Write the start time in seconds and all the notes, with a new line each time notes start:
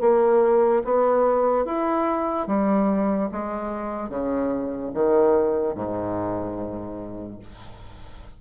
0.00 A#3
0.84 B3
1.65 E4
2.47 G3
3.31 G#3
4.09 C#3
4.94 D#3
5.74 G#2